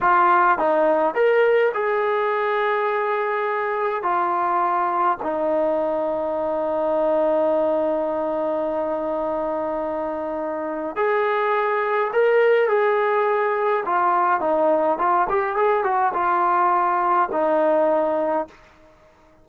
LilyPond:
\new Staff \with { instrumentName = "trombone" } { \time 4/4 \tempo 4 = 104 f'4 dis'4 ais'4 gis'4~ | gis'2. f'4~ | f'4 dis'2.~ | dis'1~ |
dis'2. gis'4~ | gis'4 ais'4 gis'2 | f'4 dis'4 f'8 g'8 gis'8 fis'8 | f'2 dis'2 | }